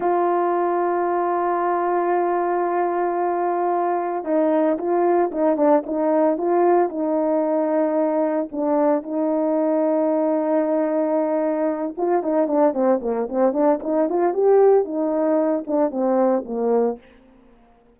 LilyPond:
\new Staff \with { instrumentName = "horn" } { \time 4/4 \tempo 4 = 113 f'1~ | f'1 | dis'4 f'4 dis'8 d'8 dis'4 | f'4 dis'2. |
d'4 dis'2.~ | dis'2~ dis'8 f'8 dis'8 d'8 | c'8 ais8 c'8 d'8 dis'8 f'8 g'4 | dis'4. d'8 c'4 ais4 | }